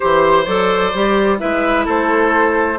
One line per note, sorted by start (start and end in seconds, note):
0.00 0.46 E3
0.00 0.46 G4
0.00 1.37 C5
0.00 0.45 C5
0.45 0.93 F#3
0.45 0.93 A4
0.45 1.38 D5
0.93 1.40 G3
0.93 1.38 G4
1.38 1.87 G#3
1.38 2.78 E4
1.38 1.85 B4
1.38 1.85 E5
1.85 2.78 A3
1.85 2.78 A4
1.85 2.78 C5